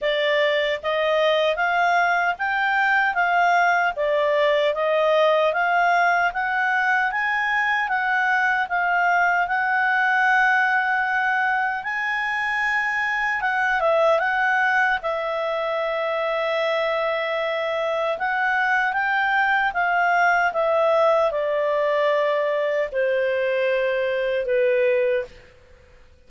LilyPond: \new Staff \with { instrumentName = "clarinet" } { \time 4/4 \tempo 4 = 76 d''4 dis''4 f''4 g''4 | f''4 d''4 dis''4 f''4 | fis''4 gis''4 fis''4 f''4 | fis''2. gis''4~ |
gis''4 fis''8 e''8 fis''4 e''4~ | e''2. fis''4 | g''4 f''4 e''4 d''4~ | d''4 c''2 b'4 | }